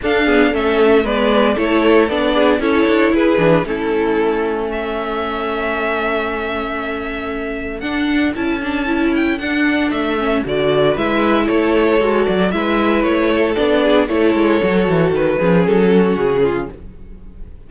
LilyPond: <<
  \new Staff \with { instrumentName = "violin" } { \time 4/4 \tempo 4 = 115 f''4 e''4 d''4 cis''4 | d''4 cis''4 b'4 a'4~ | a'4 e''2.~ | e''2. fis''4 |
a''4. g''8 fis''4 e''4 | d''4 e''4 cis''4. d''8 | e''4 cis''4 d''4 cis''4~ | cis''4 b'4 a'4 gis'4 | }
  \new Staff \with { instrumentName = "violin" } { \time 4/4 a'8 gis'8 a'4 b'4 a'4~ | a'8 gis'8 a'4 gis'4 e'4~ | e'4 a'2.~ | a'1~ |
a'1~ | a'4 b'4 a'2 | b'4. a'4 gis'8 a'4~ | a'4. gis'4 fis'4 f'8 | }
  \new Staff \with { instrumentName = "viola" } { \time 4/4 d'8 b8 cis'4 b4 e'4 | d'4 e'4. d'8 cis'4~ | cis'1~ | cis'2. d'4 |
e'8 d'8 e'4 d'4. cis'8 | fis'4 e'2 fis'4 | e'2 d'4 e'4 | fis'4. cis'2~ cis'8 | }
  \new Staff \with { instrumentName = "cello" } { \time 4/4 d'4 a4 gis4 a4 | b4 cis'8 d'8 e'8 e8 a4~ | a1~ | a2. d'4 |
cis'2 d'4 a4 | d4 gis4 a4 gis8 fis8 | gis4 a4 b4 a8 gis8 | fis8 e8 dis8 f8 fis4 cis4 | }
>>